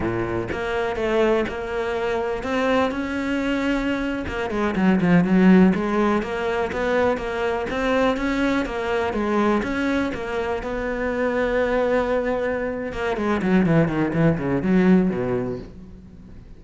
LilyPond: \new Staff \with { instrumentName = "cello" } { \time 4/4 \tempo 4 = 123 ais,4 ais4 a4 ais4~ | ais4 c'4 cis'2~ | cis'8. ais8 gis8 fis8 f8 fis4 gis16~ | gis8. ais4 b4 ais4 c'16~ |
c'8. cis'4 ais4 gis4 cis'16~ | cis'8. ais4 b2~ b16~ | b2~ b8 ais8 gis8 fis8 | e8 dis8 e8 cis8 fis4 b,4 | }